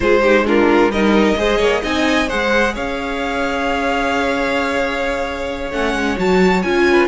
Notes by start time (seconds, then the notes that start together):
0.00 G#3 F4 G#4 C5
0.21 D#4 G4
0.45 D4 F4 A#4
0.87 G3 A#4 D#5
0.94 D#4
1.37 G#3 G#4 C5
1.57 A#3 C#5
1.81 C4 D#4 D#5 G#5
2.27 G#3 G#4 C5 F#5
2.74 C#4 C#5 F5
5.71 A3 C#4 F#5
5.93 G#3
6.16 F#3 F#4 A5
6.62 C#4 F4 G#5
6.91 B4